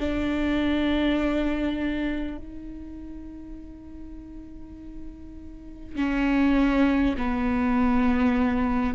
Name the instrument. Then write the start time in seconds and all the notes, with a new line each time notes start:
viola
0.00 D4
2.38 D#4
5.97 C#4
7.18 B3